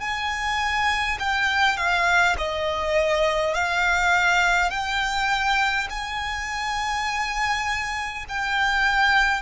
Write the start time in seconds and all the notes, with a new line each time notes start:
0.00 G#5
1.19 G5
1.77 F5
2.38 D#5
3.54 F5
4.70 G5
5.90 G#5
8.28 G5